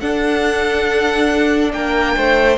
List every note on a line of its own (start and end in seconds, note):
0.00 2.58 D4
0.00 1.73 D4
0.00 1.73 A4
0.00 1.71 F#5
1.73 2.16 A#3
1.73 2.16 A#4
1.73 2.58 G5
2.16 2.58 A3
2.16 2.58 C5